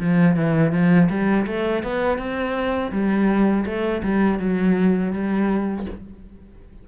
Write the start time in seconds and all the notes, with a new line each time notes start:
0.00 F3
0.36 E3
0.72 F3
1.10 G3
1.47 A3
1.83 B3
2.18 C4
2.92 G3
3.66 A3
4.03 G3
4.39 F#3
5.13 G3